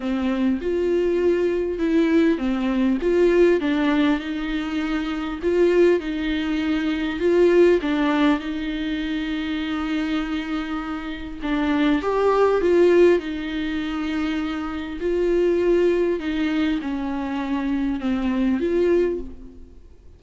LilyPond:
\new Staff \with { instrumentName = "viola" } { \time 4/4 \tempo 4 = 100 c'4 f'2 e'4 | c'4 f'4 d'4 dis'4~ | dis'4 f'4 dis'2 | f'4 d'4 dis'2~ |
dis'2. d'4 | g'4 f'4 dis'2~ | dis'4 f'2 dis'4 | cis'2 c'4 f'4 | }